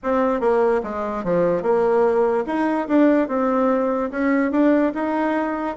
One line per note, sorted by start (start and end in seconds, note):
0.03 0.40 C4
0.40 0.81 A#3
0.83 1.23 G#3
1.23 1.62 F3
1.62 2.44 A#3
2.46 2.87 D#4
2.88 3.28 D4
3.28 4.10 C4
4.11 4.51 C#4
4.51 4.92 D4
4.94 5.76 D#4